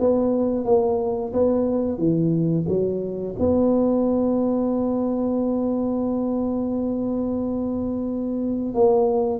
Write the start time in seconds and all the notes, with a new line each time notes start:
0.00 B3
0.65 A#3
1.33 B3
1.98 E3
2.68 F#3
3.39 B3
8.74 A#3